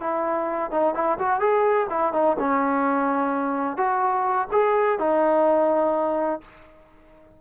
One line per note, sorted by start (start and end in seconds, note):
0.00 0.71 E4
0.71 0.94 D#4
0.94 1.18 E4
1.19 1.40 F#4
1.40 1.87 G#4
1.90 2.13 E4
2.13 2.36 D#4
2.39 3.77 C#4
3.77 4.48 F#4
4.52 4.99 G#4
4.99 6.41 D#4